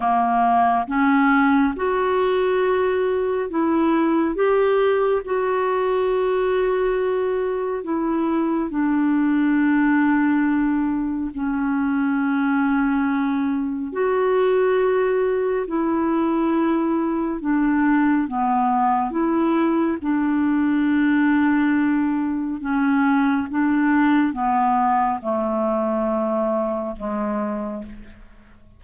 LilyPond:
\new Staff \with { instrumentName = "clarinet" } { \time 4/4 \tempo 4 = 69 ais4 cis'4 fis'2 | e'4 g'4 fis'2~ | fis'4 e'4 d'2~ | d'4 cis'2. |
fis'2 e'2 | d'4 b4 e'4 d'4~ | d'2 cis'4 d'4 | b4 a2 gis4 | }